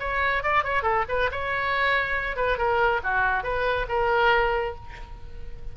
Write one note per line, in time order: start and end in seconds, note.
0.00 0.43 C#5
0.43 0.64 D5
0.64 0.83 C#5
0.83 1.04 A4
1.09 1.30 B4
1.31 2.36 C#5
2.36 2.58 B4
2.58 3.01 A#4
3.03 3.43 F#4
3.43 3.87 B4
3.89 4.75 A#4